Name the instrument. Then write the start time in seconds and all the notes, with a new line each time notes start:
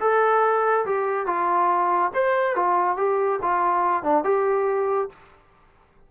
trombone
0.00 A4
0.85 G4
1.26 F4
2.14 C5
2.55 F4
2.97 G4
3.42 F4
4.03 D4
4.24 G4